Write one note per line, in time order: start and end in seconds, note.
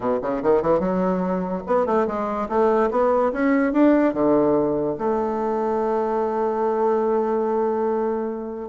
0.00 0.19 B2
0.21 0.42 C#3
0.42 0.62 D#3
0.62 0.79 E3
0.79 1.62 F#3
1.66 1.86 B3
1.86 2.06 A3
2.07 2.48 G#3
2.48 2.90 A3
2.90 3.32 B3
3.32 3.72 C#4
3.72 4.13 D4
4.13 4.96 D3
4.97 8.69 A3